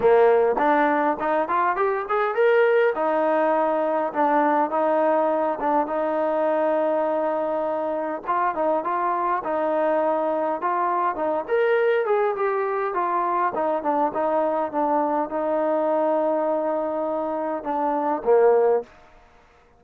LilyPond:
\new Staff \with { instrumentName = "trombone" } { \time 4/4 \tempo 4 = 102 ais4 d'4 dis'8 f'8 g'8 gis'8 | ais'4 dis'2 d'4 | dis'4. d'8 dis'2~ | dis'2 f'8 dis'8 f'4 |
dis'2 f'4 dis'8 ais'8~ | ais'8 gis'8 g'4 f'4 dis'8 d'8 | dis'4 d'4 dis'2~ | dis'2 d'4 ais4 | }